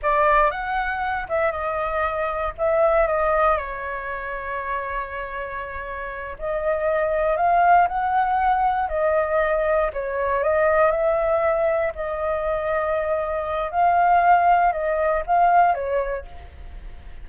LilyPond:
\new Staff \with { instrumentName = "flute" } { \time 4/4 \tempo 4 = 118 d''4 fis''4. e''8 dis''4~ | dis''4 e''4 dis''4 cis''4~ | cis''1~ | cis''8 dis''2 f''4 fis''8~ |
fis''4. dis''2 cis''8~ | cis''8 dis''4 e''2 dis''8~ | dis''2. f''4~ | f''4 dis''4 f''4 cis''4 | }